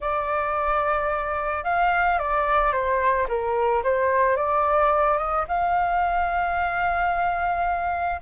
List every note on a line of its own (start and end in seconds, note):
0.00 1.64 D5
1.64 2.18 F5
2.18 2.72 D5
2.72 3.27 C5
3.28 3.83 A#4
3.83 4.36 C5
4.36 5.17 D5
5.17 5.44 D#5
5.48 8.20 F5